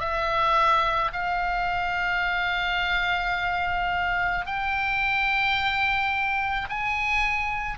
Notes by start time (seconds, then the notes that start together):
0.00 E5
1.13 F5
4.46 G5
6.69 G#5